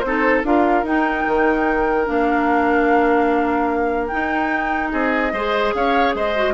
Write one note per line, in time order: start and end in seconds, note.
0.00 0.44 C4
0.00 0.44 D#4
0.00 0.41 C5
0.07 0.47 A4
0.44 0.83 D4
0.44 0.84 F4
0.44 4.92 A#4
0.44 0.86 F5
0.83 1.24 D#4
0.83 2.05 D#4
0.83 2.08 G5
1.26 2.08 D#3
2.05 4.13 A#3
2.05 4.10 D4
2.05 4.08 F5
4.08 5.34 D#4
4.08 4.93 D#4
4.08 4.90 G5
4.91 5.33 C4
4.91 5.33 G#4
4.91 5.73 D#5
5.33 5.73 G#3
5.33 6.36 G#4
5.33 5.74 C5
5.74 6.15 C#4
5.74 6.16 C#5
5.74 6.15 F5
6.15 6.54 G#3
6.15 6.54 C5
6.15 6.54 D#5
6.36 6.54 F#4